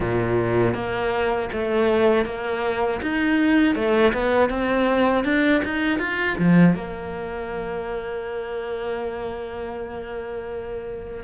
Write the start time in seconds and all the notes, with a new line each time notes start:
0.00 A#2
0.74 A#3
1.52 A3
2.25 A#3
3.02 D#4
3.75 A3
4.13 B3
4.49 C4
5.24 D4
5.64 D#4
5.99 F4
6.38 F3
6.74 A#3